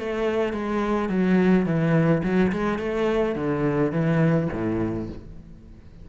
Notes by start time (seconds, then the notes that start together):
0.00 A3
0.54 G#3
1.10 F#3
1.66 E3
2.24 F#3
2.52 G#3
2.79 A3
3.36 D3
3.92 E3
4.53 A2